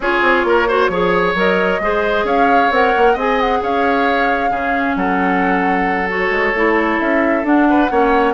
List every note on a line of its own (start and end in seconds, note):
0.00 0.20 C#4
0.00 0.68 F4
0.00 0.46 G#4
0.00 1.36 C#5
0.21 0.44 C4
0.44 0.88 A#3
0.44 0.68 A#4
0.68 0.91 F#4
0.68 0.90 C5
0.88 1.33 F3
0.88 1.35 G#4
0.88 1.81 C#5
1.34 1.79 F#3
1.34 1.80 A#4
1.34 2.27 D#5
1.79 2.24 G#3
1.79 2.72 G#4
1.79 2.25 C5
2.24 2.69 C#4
2.24 3.13 C#5
2.24 2.72 F5
2.70 2.93 C4
2.70 3.17 A#4
2.70 3.17 F#5
2.96 3.15 A#3
3.13 3.60 C4
3.13 4.49 G#4
3.13 3.58 D#5
3.19 3.40 G#5
3.40 3.62 F#5
3.62 4.50 C#4
3.62 4.50 C#5
3.62 4.95 F5
4.49 4.95 C#3
4.49 6.07 C#4
4.49 4.95 G#4
4.95 6.30 F#3
4.95 7.68 A4
4.95 6.08 F#5
6.08 6.53 F#4
6.08 6.99 C#5
6.30 6.52 G#3
6.54 6.99 A3
6.54 7.43 E4
6.99 7.43 C#4
6.99 7.45 E5
7.43 7.88 D4
7.43 7.89 D4
7.43 8.33 F#5
7.69 7.91 B4
7.90 8.33 A#3
7.90 8.33 C#4
7.90 8.33 C#5